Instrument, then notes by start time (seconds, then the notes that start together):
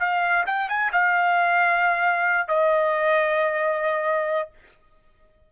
trumpet
0.00 F5
0.46 G5
0.69 G#5
0.92 F5
2.48 D#5